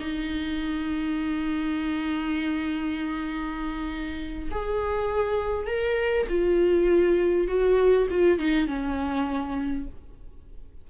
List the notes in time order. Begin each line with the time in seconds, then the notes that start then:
0.00 D#4
4.51 G#4
5.67 A#4
6.29 F4
7.48 F#4
8.11 F4
8.39 D#4
8.68 C#4